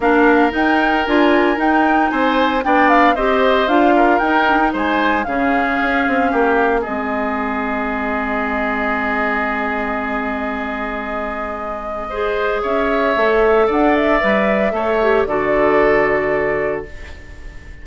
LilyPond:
<<
  \new Staff \with { instrumentName = "flute" } { \time 4/4 \tempo 4 = 114 f''4 g''4 gis''4 g''4 | gis''4 g''8 f''8 dis''4 f''4 | g''4 gis''4 f''2~ | f''4 dis''2.~ |
dis''1~ | dis''1 | e''2 fis''8 e''4.~ | e''4 d''2. | }
  \new Staff \with { instrumentName = "oboe" } { \time 4/4 ais'1 | c''4 d''4 c''4. ais'8~ | ais'4 c''4 gis'2 | g'4 gis'2.~ |
gis'1~ | gis'2. c''4 | cis''2 d''2 | cis''4 a'2. | }
  \new Staff \with { instrumentName = "clarinet" } { \time 4/4 d'4 dis'4 f'4 dis'4~ | dis'4 d'4 g'4 f'4 | dis'8 d'16 dis'4~ dis'16 cis'2~ | cis'4 c'2.~ |
c'1~ | c'2. gis'4~ | gis'4 a'2 b'4 | a'8 g'8 fis'2. | }
  \new Staff \with { instrumentName = "bassoon" } { \time 4/4 ais4 dis'4 d'4 dis'4 | c'4 b4 c'4 d'4 | dis'4 gis4 cis4 cis'8 c'8 | ais4 gis2.~ |
gis1~ | gis1 | cis'4 a4 d'4 g4 | a4 d2. | }
>>